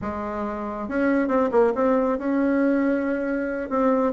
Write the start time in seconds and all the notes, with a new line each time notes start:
0.01 G#3
0.88 C#4
1.27 C4
1.51 A#3
1.75 C4
2.18 C#4
3.69 C4